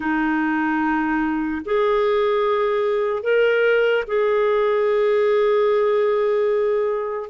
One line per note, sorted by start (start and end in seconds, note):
0.00 1.61 D#4
1.65 3.22 G#4
3.22 4.04 A#4
4.07 7.29 G#4